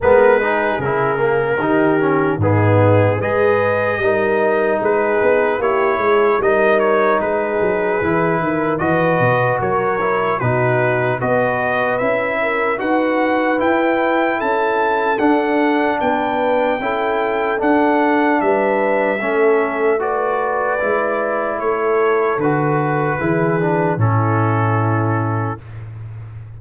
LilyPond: <<
  \new Staff \with { instrumentName = "trumpet" } { \time 4/4 \tempo 4 = 75 b'4 ais'2 gis'4 | dis''2 b'4 cis''4 | dis''8 cis''8 b'2 dis''4 | cis''4 b'4 dis''4 e''4 |
fis''4 g''4 a''4 fis''4 | g''2 fis''4 e''4~ | e''4 d''2 cis''4 | b'2 a'2 | }
  \new Staff \with { instrumentName = "horn" } { \time 4/4 ais'8 gis'4. g'4 dis'4 | b'4 ais'4 gis'4 g'8 gis'8 | ais'4 gis'4. ais'8 b'4 | ais'4 fis'4 b'4. ais'8 |
b'2 a'2 | b'4 a'2 b'4 | a'4 b'2 a'4~ | a'4 gis'4 e'2 | }
  \new Staff \with { instrumentName = "trombone" } { \time 4/4 b8 dis'8 e'8 ais8 dis'8 cis'8 b4 | gis'4 dis'2 e'4 | dis'2 e'4 fis'4~ | fis'8 e'8 dis'4 fis'4 e'4 |
fis'4 e'2 d'4~ | d'4 e'4 d'2 | cis'4 fis'4 e'2 | fis'4 e'8 d'8 cis'2 | }
  \new Staff \with { instrumentName = "tuba" } { \time 4/4 gis4 cis4 dis4 gis,4 | gis4 g4 gis8 b8 ais8 gis8 | g4 gis8 fis8 e8 dis8 e8 b,8 | fis4 b,4 b4 cis'4 |
dis'4 e'4 cis'4 d'4 | b4 cis'4 d'4 g4 | a2 gis4 a4 | d4 e4 a,2 | }
>>